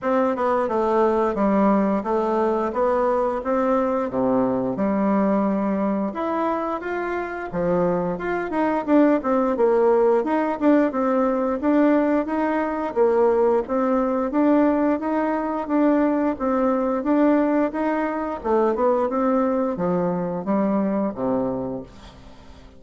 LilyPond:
\new Staff \with { instrumentName = "bassoon" } { \time 4/4 \tempo 4 = 88 c'8 b8 a4 g4 a4 | b4 c'4 c4 g4~ | g4 e'4 f'4 f4 | f'8 dis'8 d'8 c'8 ais4 dis'8 d'8 |
c'4 d'4 dis'4 ais4 | c'4 d'4 dis'4 d'4 | c'4 d'4 dis'4 a8 b8 | c'4 f4 g4 c4 | }